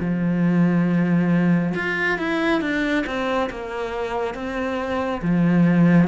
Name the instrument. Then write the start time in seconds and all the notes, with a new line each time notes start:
cello
0.00 F3
1.75 F4
2.19 E4
2.61 D4
3.06 C4
3.50 A#3
4.34 C4
5.22 F3